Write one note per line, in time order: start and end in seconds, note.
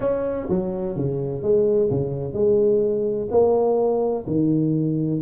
0.00 0.47 C#4
0.49 0.96 F#3
0.96 1.42 C#3
1.42 1.89 G#3
1.90 2.33 C#3
2.33 3.27 G#3
3.30 4.25 A#3
4.26 5.21 D#3